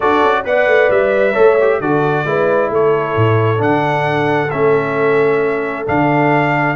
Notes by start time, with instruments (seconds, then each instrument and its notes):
0.00 tuba D4, trombone F#4, horn A4, trumpet D5
0.22 tuba C#4
0.44 tuba B3, trombone B4, horn D5, trumpet F#5
0.67 tuba A3
0.90 tuba G3, trumpet E5
1.32 tuba A3, trombone A4, horn C#5
1.60 trombone G4
1.80 tuba D3, trombone F#4, horn A4, trumpet D5
2.25 tuba G#3, trombone E4, horn B4
2.69 tuba A3, horn A4, trumpet C#5
3.16 tuba A2
3.57 tuba D3, trombone D4, trumpet F#5
4.50 tuba A3, trombone C#4, trumpet E5
5.86 tuba D3, trombone D4, trumpet F5